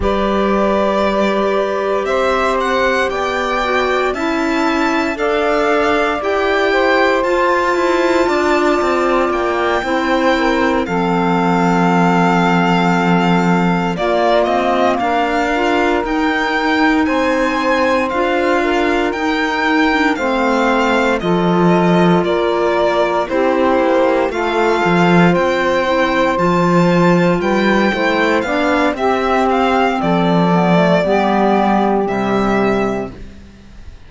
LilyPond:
<<
  \new Staff \with { instrumentName = "violin" } { \time 4/4 \tempo 4 = 58 d''2 e''8 fis''8 g''4 | a''4 f''4 g''4 a''4~ | a''4 g''4. f''4.~ | f''4. d''8 dis''8 f''4 g''8~ |
g''8 gis''4 f''4 g''4 f''8~ | f''8 dis''4 d''4 c''4 f''8~ | f''8 g''4 a''4 g''4 f''8 | e''8 f''8 d''2 e''4 | }
  \new Staff \with { instrumentName = "saxophone" } { \time 4/4 b'2 c''4 d''4 | e''4 d''4. c''4. | d''4. c''8 ais'8 a'4.~ | a'4. f'4 ais'4.~ |
ais'8 c''4. ais'4. c''8~ | c''8 a'4 ais'4 g'4 a'8~ | a'8 c''2 b'8 c''8 d''8 | g'4 a'4 g'2 | }
  \new Staff \with { instrumentName = "clarinet" } { \time 4/4 g'2.~ g'8 fis'8 | e'4 a'4 g'4 f'4~ | f'4. e'4 c'4.~ | c'4. ais4. f'8 dis'8~ |
dis'4. f'4 dis'8. d'16 c'8~ | c'8 f'2 e'4 f'8~ | f'4 e'8 f'4. e'8 d'8 | c'4. b16 a16 b4 g4 | }
  \new Staff \with { instrumentName = "cello" } { \time 4/4 g2 c'4 b4 | cis'4 d'4 e'4 f'8 e'8 | d'8 c'8 ais8 c'4 f4.~ | f4. ais8 c'8 d'4 dis'8~ |
dis'8 c'4 d'4 dis'4 a8~ | a8 f4 ais4 c'8 ais8 a8 | f8 c'4 f4 g8 a8 b8 | c'4 f4 g4 c4 | }
>>